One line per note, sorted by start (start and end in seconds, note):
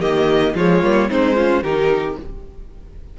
0.00 0.55 D#3
0.00 0.55 A#3
0.00 0.54 G4
0.00 0.56 D#5
0.55 0.82 F3
0.55 0.84 G#3
0.55 1.10 F4
0.55 1.11 C#5
0.83 1.10 G3
0.83 1.09 A#3
1.09 1.63 G#3
1.09 1.36 C4
1.09 1.36 D#4
1.09 1.63 C5
1.36 1.65 C#4
1.36 1.63 F4
1.63 2.17 D#3
1.63 2.19 D#4
1.63 2.17 G4
1.63 2.17 A#4